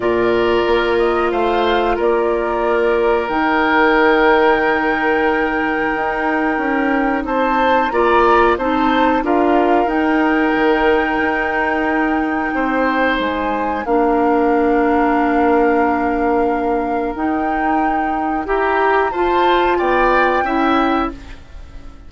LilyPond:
<<
  \new Staff \with { instrumentName = "flute" } { \time 4/4 \tempo 4 = 91 d''4. dis''8 f''4 d''4~ | d''4 g''2.~ | g''2. a''4 | ais''4 a''4 f''4 g''4~ |
g''1 | gis''4 f''2.~ | f''2 g''2 | ais''4 a''4 g''2 | }
  \new Staff \with { instrumentName = "oboe" } { \time 4/4 ais'2 c''4 ais'4~ | ais'1~ | ais'2. c''4 | d''4 c''4 ais'2~ |
ais'2. c''4~ | c''4 ais'2.~ | ais'1 | g'4 c''4 d''4 e''4 | }
  \new Staff \with { instrumentName = "clarinet" } { \time 4/4 f'1~ | f'4 dis'2.~ | dis'1 | f'4 dis'4 f'4 dis'4~ |
dis'1~ | dis'4 d'2.~ | d'2 dis'2 | g'4 f'2 e'4 | }
  \new Staff \with { instrumentName = "bassoon" } { \time 4/4 ais,4 ais4 a4 ais4~ | ais4 dis2.~ | dis4 dis'4 cis'4 c'4 | ais4 c'4 d'4 dis'4 |
dis4 dis'2 c'4 | gis4 ais2.~ | ais2 dis'2 | e'4 f'4 b4 cis'4 | }
>>